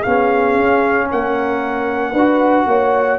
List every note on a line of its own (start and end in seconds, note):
0.00 0.55 B3
0.00 2.15 C#4
0.00 1.05 G#4
0.00 1.07 F5
0.55 1.08 C#4
1.10 2.12 A#3
1.10 2.12 A#4
1.10 3.19 F#5
2.12 2.65 D4
2.12 3.19 F#4
2.12 2.64 B4
2.66 3.19 A#3
2.66 3.19 C#5